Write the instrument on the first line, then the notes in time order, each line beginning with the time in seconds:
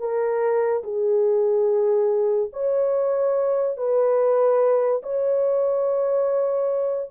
horn
0.00 A#4
0.84 G#4
2.53 C#5
3.78 B4
5.03 C#5